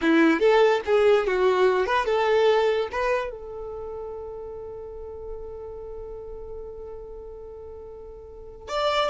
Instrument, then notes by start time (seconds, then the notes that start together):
violin
0.01 E4
0.39 A4
0.85 G#4
1.26 F#4
1.86 B4
2.05 A4
2.91 B4
3.30 A4
8.68 D5